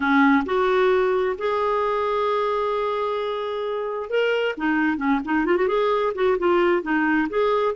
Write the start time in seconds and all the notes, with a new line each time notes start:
0.00 C#4
0.45 F#4
1.38 G#4
4.09 A#4
4.57 D#4
4.97 C#4
5.24 D#4
5.45 F4
5.57 F#4
5.68 G#4
6.15 F#4
6.38 F4
6.82 D#4
7.29 G#4